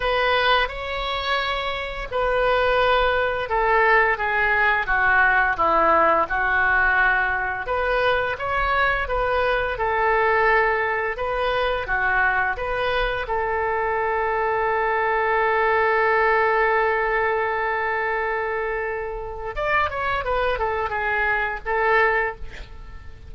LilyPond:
\new Staff \with { instrumentName = "oboe" } { \time 4/4 \tempo 4 = 86 b'4 cis''2 b'4~ | b'4 a'4 gis'4 fis'4 | e'4 fis'2 b'4 | cis''4 b'4 a'2 |
b'4 fis'4 b'4 a'4~ | a'1~ | a'1 | d''8 cis''8 b'8 a'8 gis'4 a'4 | }